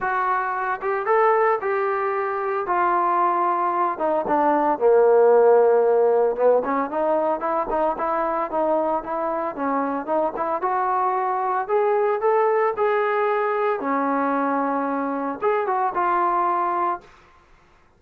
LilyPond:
\new Staff \with { instrumentName = "trombone" } { \time 4/4 \tempo 4 = 113 fis'4. g'8 a'4 g'4~ | g'4 f'2~ f'8 dis'8 | d'4 ais2. | b8 cis'8 dis'4 e'8 dis'8 e'4 |
dis'4 e'4 cis'4 dis'8 e'8 | fis'2 gis'4 a'4 | gis'2 cis'2~ | cis'4 gis'8 fis'8 f'2 | }